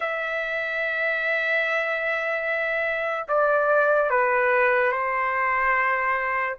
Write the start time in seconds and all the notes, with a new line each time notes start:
0.00 E5
3.28 D5
4.09 B4
4.91 C5